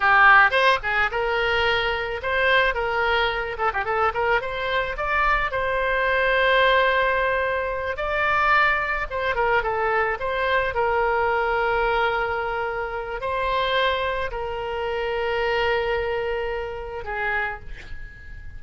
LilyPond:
\new Staff \with { instrumentName = "oboe" } { \time 4/4 \tempo 4 = 109 g'4 c''8 gis'8 ais'2 | c''4 ais'4. a'16 g'16 a'8 ais'8 | c''4 d''4 c''2~ | c''2~ c''8 d''4.~ |
d''8 c''8 ais'8 a'4 c''4 ais'8~ | ais'1 | c''2 ais'2~ | ais'2. gis'4 | }